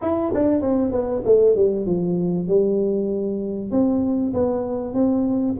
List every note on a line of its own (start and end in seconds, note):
0.01 0.32 E4
0.34 0.61 D4
0.61 0.91 C4
0.91 1.22 B3
1.24 1.55 A3
1.55 1.86 G3
1.86 2.47 F3
2.47 3.71 G3
3.71 4.33 C4
4.33 4.93 B3
4.93 5.55 C4